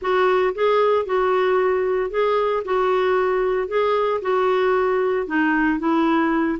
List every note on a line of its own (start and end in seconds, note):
0.01 0.54 F#4
0.55 1.05 G#4
1.05 2.10 F#4
2.10 2.63 G#4
2.65 3.68 F#4
3.68 4.20 G#4
4.21 5.26 F#4
5.26 5.79 D#4
5.79 6.58 E4